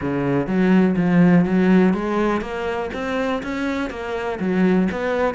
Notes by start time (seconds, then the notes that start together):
0.01 C#3
0.46 F#3
0.96 F3
1.45 F#3
1.93 G#3
2.41 A#3
2.93 C4
3.43 C#4
3.90 A#3
4.39 F#3
4.91 B3